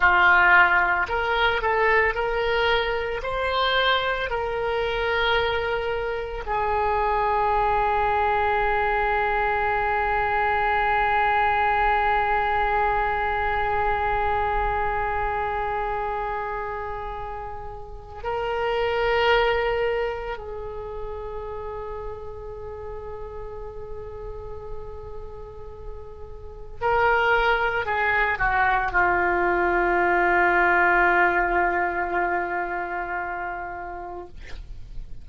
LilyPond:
\new Staff \with { instrumentName = "oboe" } { \time 4/4 \tempo 4 = 56 f'4 ais'8 a'8 ais'4 c''4 | ais'2 gis'2~ | gis'1~ | gis'1~ |
gis'4 ais'2 gis'4~ | gis'1~ | gis'4 ais'4 gis'8 fis'8 f'4~ | f'1 | }